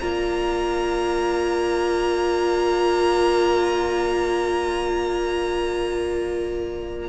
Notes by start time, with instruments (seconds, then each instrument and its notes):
0.00 cello A#3, viola F4, violin D5 A#5